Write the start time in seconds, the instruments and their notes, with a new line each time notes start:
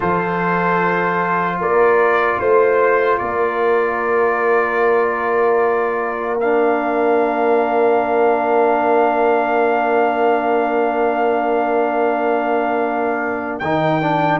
0.00 tuba F3, trombone F4, horn A4, trumpet C5
1.60 tuba A#3, horn A#4, trumpet D5
2.39 tuba A3, horn C5, trumpet C5
3.18 tuba A#3, horn A#4, trumpet D5
6.40 trombone D4, trumpet F5
13.59 tuba D#3, trombone D#4, trumpet G5
14.01 trombone D4